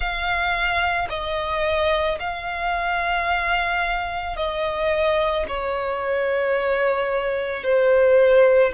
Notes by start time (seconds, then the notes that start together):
0.00 F5
1.09 D#5
2.19 F5
4.36 D#5
5.48 C#5
7.63 C5